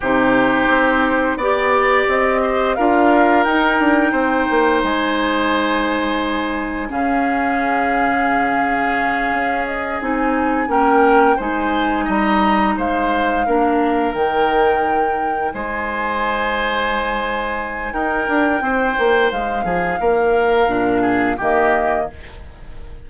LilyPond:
<<
  \new Staff \with { instrumentName = "flute" } { \time 4/4 \tempo 4 = 87 c''2 d''4 dis''4 | f''4 g''2 gis''4~ | gis''2 f''2~ | f''2 dis''8 gis''4 g''8~ |
g''8 gis''4 ais''4 f''4.~ | f''8 g''2 gis''4.~ | gis''2 g''2 | f''2. dis''4 | }
  \new Staff \with { instrumentName = "oboe" } { \time 4/4 g'2 d''4. c''8 | ais'2 c''2~ | c''2 gis'2~ | gis'2.~ gis'8 ais'8~ |
ais'8 c''4 dis''4 c''4 ais'8~ | ais'2~ ais'8 c''4.~ | c''2 ais'4 c''4~ | c''8 gis'8 ais'4. gis'8 g'4 | }
  \new Staff \with { instrumentName = "clarinet" } { \time 4/4 dis'2 g'2 | f'4 dis'2.~ | dis'2 cis'2~ | cis'2~ cis'8 dis'4 cis'8~ |
cis'8 dis'2. d'8~ | d'8 dis'2.~ dis'8~ | dis'1~ | dis'2 d'4 ais4 | }
  \new Staff \with { instrumentName = "bassoon" } { \time 4/4 c4 c'4 b4 c'4 | d'4 dis'8 d'8 c'8 ais8 gis4~ | gis2 cis2~ | cis4. cis'4 c'4 ais8~ |
ais8 gis4 g4 gis4 ais8~ | ais8 dis2 gis4.~ | gis2 dis'8 d'8 c'8 ais8 | gis8 f8 ais4 ais,4 dis4 | }
>>